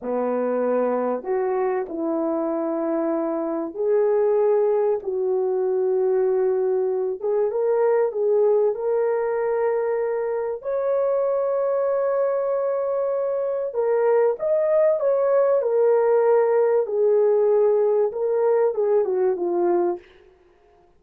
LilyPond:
\new Staff \with { instrumentName = "horn" } { \time 4/4 \tempo 4 = 96 b2 fis'4 e'4~ | e'2 gis'2 | fis'2.~ fis'8 gis'8 | ais'4 gis'4 ais'2~ |
ais'4 cis''2.~ | cis''2 ais'4 dis''4 | cis''4 ais'2 gis'4~ | gis'4 ais'4 gis'8 fis'8 f'4 | }